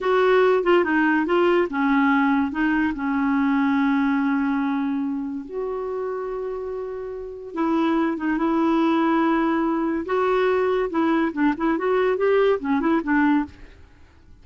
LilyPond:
\new Staff \with { instrumentName = "clarinet" } { \time 4/4 \tempo 4 = 143 fis'4. f'8 dis'4 f'4 | cis'2 dis'4 cis'4~ | cis'1~ | cis'4 fis'2.~ |
fis'2 e'4. dis'8 | e'1 | fis'2 e'4 d'8 e'8 | fis'4 g'4 cis'8 e'8 d'4 | }